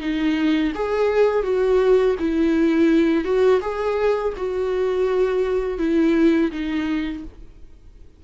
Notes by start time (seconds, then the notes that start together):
0.00 D#4
0.74 G#4
1.43 F#4
2.19 E4
3.24 F#4
3.61 G#4
4.36 F#4
5.78 E4
6.51 D#4